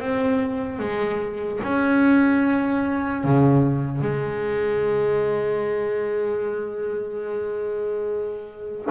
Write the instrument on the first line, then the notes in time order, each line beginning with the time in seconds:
double bass
0.00 C4
0.79 G#3
1.63 C#4
3.24 C#3
4.01 G#3